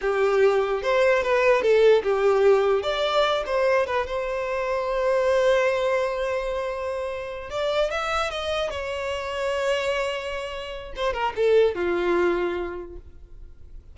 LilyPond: \new Staff \with { instrumentName = "violin" } { \time 4/4 \tempo 4 = 148 g'2 c''4 b'4 | a'4 g'2 d''4~ | d''8 c''4 b'8 c''2~ | c''1~ |
c''2~ c''8 d''4 e''8~ | e''8 dis''4 cis''2~ cis''8~ | cis''2. c''8 ais'8 | a'4 f'2. | }